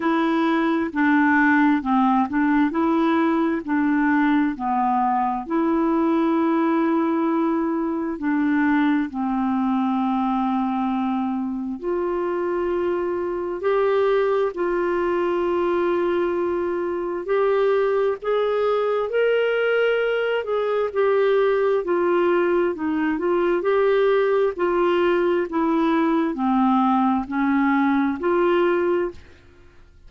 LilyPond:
\new Staff \with { instrumentName = "clarinet" } { \time 4/4 \tempo 4 = 66 e'4 d'4 c'8 d'8 e'4 | d'4 b4 e'2~ | e'4 d'4 c'2~ | c'4 f'2 g'4 |
f'2. g'4 | gis'4 ais'4. gis'8 g'4 | f'4 dis'8 f'8 g'4 f'4 | e'4 c'4 cis'4 f'4 | }